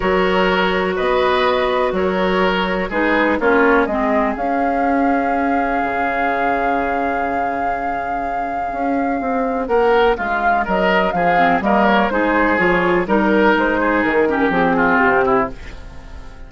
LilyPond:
<<
  \new Staff \with { instrumentName = "flute" } { \time 4/4 \tempo 4 = 124 cis''2 dis''2 | cis''2 b'4 cis''4 | dis''4 f''2.~ | f''1~ |
f''1 | fis''4 f''4 dis''4 f''4 | dis''8 cis''8 c''4 cis''4 ais'4 | c''4 ais'4 gis'4 g'4 | }
  \new Staff \with { instrumentName = "oboe" } { \time 4/4 ais'2 b'2 | ais'2 gis'4 f'4 | gis'1~ | gis'1~ |
gis'1 | ais'4 f'4 ais'4 gis'4 | ais'4 gis'2 ais'4~ | ais'8 gis'4 g'4 f'4 e'8 | }
  \new Staff \with { instrumentName = "clarinet" } { \time 4/4 fis'1~ | fis'2 dis'4 cis'4 | c'4 cis'2.~ | cis'1~ |
cis'1~ | cis'2.~ cis'8 c'8 | ais4 dis'4 f'4 dis'4~ | dis'4. cis'8 c'2 | }
  \new Staff \with { instrumentName = "bassoon" } { \time 4/4 fis2 b2 | fis2 gis4 ais4 | gis4 cis'2. | cis1~ |
cis2 cis'4 c'4 | ais4 gis4 fis4 f4 | g4 gis4 f4 g4 | gis4 dis4 f4 c4 | }
>>